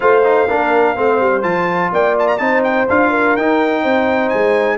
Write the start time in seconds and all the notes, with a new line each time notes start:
0.00 A3 F4 C5 F5
0.24 D#4
0.47 A#3 D4 A#4
0.95 A3 C4 C5
1.20 G3
1.42 F3 F4 A5
1.92 A#3 D5 G5
2.18 A5
2.27 A#5
2.37 C4 D#4 C5 A5
2.63 G5
2.89 D4 F4 F5
3.09 A#4
3.36 D#4 G5
3.81 C4 C5
4.29 G#3 G#5